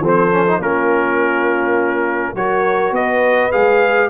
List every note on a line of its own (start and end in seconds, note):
0.00 0.58 F3
0.00 0.32 C4
0.00 0.60 A4
0.07 0.62 C5
0.32 0.46 C#4
0.46 0.61 D#4
0.58 2.33 A#3
0.58 2.36 C#4
0.58 2.35 F4
0.58 2.36 A#4
2.34 2.91 F#3
2.34 3.51 F#4
2.34 2.95 A#4
2.34 2.94 C#5
2.91 3.50 B3
2.91 4.10 B4
2.91 3.52 D#5
3.51 4.10 G#3
3.51 4.10 G#4
3.51 4.10 F5